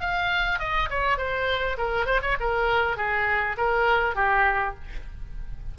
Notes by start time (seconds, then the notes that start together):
0.00 F5
0.59 D#5
0.90 C#5
1.17 C5
1.77 A#4
2.05 C5
2.21 C#5
2.40 A#4
2.96 G#4
3.57 A#4
4.15 G4